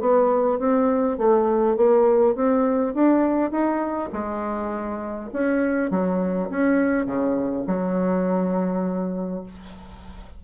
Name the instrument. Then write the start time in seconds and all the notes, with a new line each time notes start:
bassoon
0.00 B3
0.59 C4
1.18 A3
1.76 A#3
2.36 C4
2.94 D4
3.51 D#4
4.13 G#3
5.33 C#4
5.90 F#3
6.50 C#4
7.06 C#3
7.67 F#3